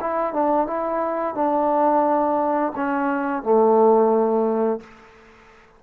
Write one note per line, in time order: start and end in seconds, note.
0.00 0.33 E4
0.33 0.66 D4
0.66 1.34 E4
1.34 2.72 D4
2.75 3.42 C#4
3.42 4.80 A3